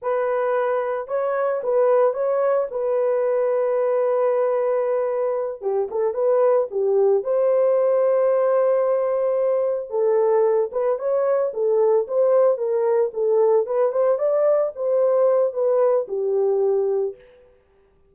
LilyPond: \new Staff \with { instrumentName = "horn" } { \time 4/4 \tempo 4 = 112 b'2 cis''4 b'4 | cis''4 b'2.~ | b'2~ b'8 g'8 a'8 b'8~ | b'8 g'4 c''2~ c''8~ |
c''2~ c''8 a'4. | b'8 cis''4 a'4 c''4 ais'8~ | ais'8 a'4 b'8 c''8 d''4 c''8~ | c''4 b'4 g'2 | }